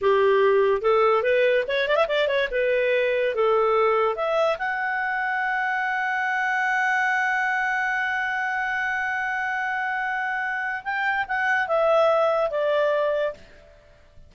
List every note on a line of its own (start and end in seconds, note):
0.01 0.81 G4
0.81 1.22 A4
1.22 1.64 B4
1.67 1.87 C#5
1.87 1.95 D5
1.95 2.05 E5
2.07 2.27 D5
2.27 2.48 C#5
2.51 3.34 B4
3.34 4.15 A4
4.15 4.57 E5
4.58 10.83 F#5
10.84 11.25 G5
11.27 11.67 F#5
11.67 12.50 E5
12.50 13.34 D5